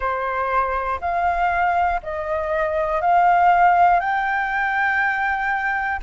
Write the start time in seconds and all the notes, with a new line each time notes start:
0.00 C5
1.00 F5
2.03 D#5
3.01 F5
4.00 G5